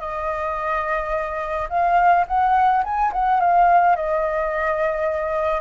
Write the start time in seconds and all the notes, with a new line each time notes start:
0.00 D#5
1.69 F5
2.28 F#5
2.84 G#5
3.13 F#5
3.40 F5
3.96 D#5